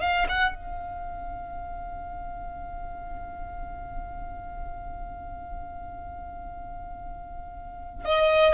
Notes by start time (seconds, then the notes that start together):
0.00 F5
0.29 F#5
0.55 F5
8.05 D#5